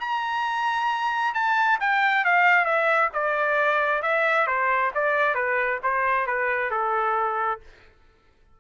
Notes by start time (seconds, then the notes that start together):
0.00 A#5
1.34 A5
1.80 G5
2.25 F5
2.65 E5
3.13 D5
4.02 E5
4.47 C5
4.95 D5
5.34 B4
5.83 C5
6.26 B4
6.71 A4